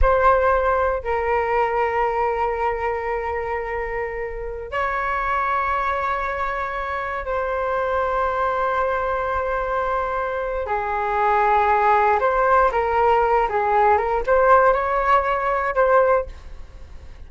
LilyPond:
\new Staff \with { instrumentName = "flute" } { \time 4/4 \tempo 4 = 118 c''2 ais'2~ | ais'1~ | ais'4~ ais'16 cis''2~ cis''8.~ | cis''2~ cis''16 c''4.~ c''16~ |
c''1~ | c''4 gis'2. | c''4 ais'4. gis'4 ais'8 | c''4 cis''2 c''4 | }